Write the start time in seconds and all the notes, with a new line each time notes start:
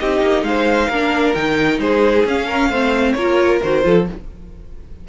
0.00 C4 D#4 G4 D#5
0.21 A#3
0.43 G#3 C5 F5
0.89 A#3 D4 A#4
1.34 D#3 D#4 G5
1.79 G#3 G#4 C5
2.25 C#4 F5
2.47 A#4
2.69 A3 C4 C5
3.13 A#3 F4 A#4 C#5
3.63 D#3 F#4 C5
3.83 F3 F4 A4